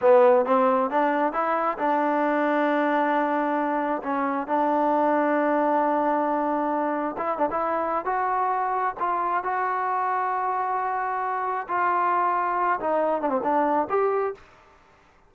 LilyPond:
\new Staff \with { instrumentName = "trombone" } { \time 4/4 \tempo 4 = 134 b4 c'4 d'4 e'4 | d'1~ | d'4 cis'4 d'2~ | d'1 |
e'8 d'16 e'4~ e'16 fis'2 | f'4 fis'2.~ | fis'2 f'2~ | f'8 dis'4 d'16 c'16 d'4 g'4 | }